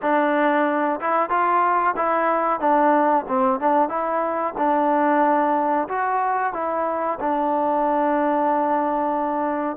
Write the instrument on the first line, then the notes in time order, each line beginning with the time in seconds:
trombone
0.02 D4
1.00 E4
1.29 F4
1.96 E4
2.60 D4
3.28 C4
3.60 D4
3.88 E4
4.57 D4
5.88 F#4
6.53 E4
7.19 D4